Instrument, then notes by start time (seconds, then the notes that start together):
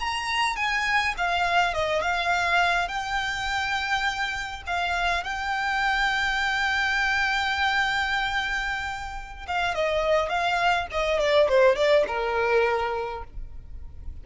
violin
0.00 A#5
0.56 G#5
1.18 F5
1.74 D#5
2.02 F5
2.88 G5
4.67 F5
5.24 G5
9.48 F5
9.75 D#5
10.29 F5
10.92 D#5
11.20 D5
11.49 C5
11.76 D5
12.07 A#4